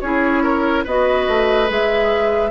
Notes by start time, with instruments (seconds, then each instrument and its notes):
0.00 bassoon C#4, clarinet E4, oboe G#4, flute C#5
0.43 oboe A#4
0.84 bassoon B3, clarinet F#4, oboe B4, flute D#5
1.28 bassoon A3
1.67 bassoon G#3, clarinet G#4, flute E5